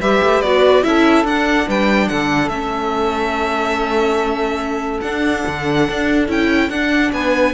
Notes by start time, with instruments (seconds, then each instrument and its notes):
0.00 cello G3, viola G4, saxophone B4, violin E5
0.22 cello A3
0.41 cello B3, viola F#4, violin D5
0.82 cello C#4, viola E4, saxophone A4, violin E5
1.24 cello D4, viola D4, violin F#5
1.67 cello G3, saxophone B4, violin G5
2.08 cello D3, saxophone A4, violin F#5
2.48 cello A3, viola C#4, violin E5
5.01 cello D4, viola D4, violin F#5
5.46 cello D3
5.89 cello D4
6.27 cello C#4, viola E4, violin G5
6.69 cello D4, viola D4, violin F#5
7.12 cello B3, saxophone B4, violin G#5